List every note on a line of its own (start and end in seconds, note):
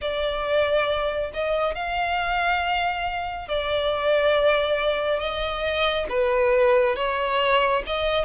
0.01 1.31 D5
1.33 1.74 D#5
1.74 3.48 F5
3.48 5.19 D5
5.19 6.06 D#5
6.09 6.96 B4
6.96 7.83 C#5
7.86 8.25 D#5